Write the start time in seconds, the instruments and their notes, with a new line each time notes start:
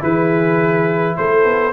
0.00 tuba E3, trombone E4, horn G#4, trumpet B4
1.17 tuba A3, horn A4, trumpet C5
1.45 tuba B3